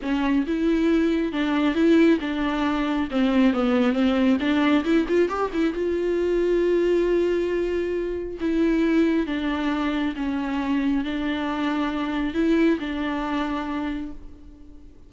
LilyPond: \new Staff \with { instrumentName = "viola" } { \time 4/4 \tempo 4 = 136 cis'4 e'2 d'4 | e'4 d'2 c'4 | b4 c'4 d'4 e'8 f'8 | g'8 e'8 f'2.~ |
f'2. e'4~ | e'4 d'2 cis'4~ | cis'4 d'2. | e'4 d'2. | }